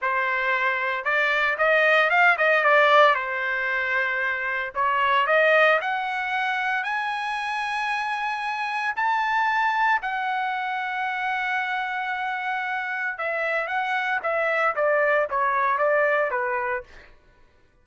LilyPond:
\new Staff \with { instrumentName = "trumpet" } { \time 4/4 \tempo 4 = 114 c''2 d''4 dis''4 | f''8 dis''8 d''4 c''2~ | c''4 cis''4 dis''4 fis''4~ | fis''4 gis''2.~ |
gis''4 a''2 fis''4~ | fis''1~ | fis''4 e''4 fis''4 e''4 | d''4 cis''4 d''4 b'4 | }